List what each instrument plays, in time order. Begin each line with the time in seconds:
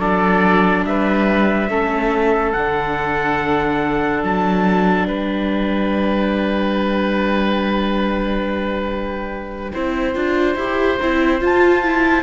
0.00 cello F#3, viola D4, oboe A4, trumpet D5
0.85 cello G3, oboe B4, trumpet E5
1.69 cello A3, viola C#4, oboe A4
2.53 cello D3, viola D4, trumpet F#5
4.24 cello F#3, trumpet A5
5.07 cello G3, oboe B4, trumpet G5
9.73 cello C4, viola E4, oboe C5
10.15 cello D4, viola F4
10.56 cello E4, viola G4
11.01 cello C4, viola E4
11.41 viola F4, cello F4, trumpet A5
11.84 viola E4